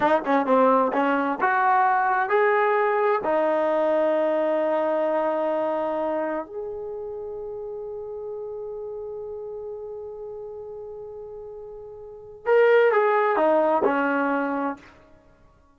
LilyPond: \new Staff \with { instrumentName = "trombone" } { \time 4/4 \tempo 4 = 130 dis'8 cis'8 c'4 cis'4 fis'4~ | fis'4 gis'2 dis'4~ | dis'1~ | dis'2 gis'2~ |
gis'1~ | gis'1~ | gis'2. ais'4 | gis'4 dis'4 cis'2 | }